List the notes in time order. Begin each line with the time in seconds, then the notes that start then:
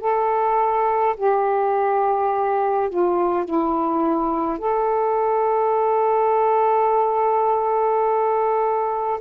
0.00 A4
1.16 G4
2.90 F4
3.45 E4
4.58 A4